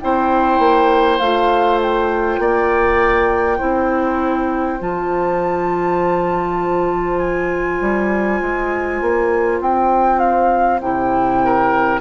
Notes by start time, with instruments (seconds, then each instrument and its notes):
0.00 bassoon C4, clarinet E4, oboe C5, flute G5
0.59 bassoon A#3
1.19 bassoon A3, clarinet F4, flute F5
1.82 flute G5
2.39 bassoon A#3, oboe D5
3.58 bassoon C4, clarinet E4, oboe C5
4.79 bassoon F3, clarinet F4, flute A5
7.19 flute G#5
7.81 bassoon G3
8.42 bassoon G#3
9.02 bassoon A#3
9.61 bassoon C4, flute G5
10.19 flute F5
10.81 bassoon C3, clarinet E4, flute G5
11.45 oboe A#4